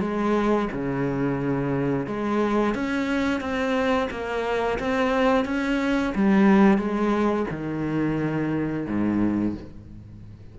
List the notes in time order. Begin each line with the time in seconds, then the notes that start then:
0.00 G#3
0.72 C#3
2.06 G#3
2.74 C#4
3.40 C4
4.10 A#3
4.79 C4
5.45 C#4
6.15 G3
6.77 G#3
7.50 D#3
8.86 G#2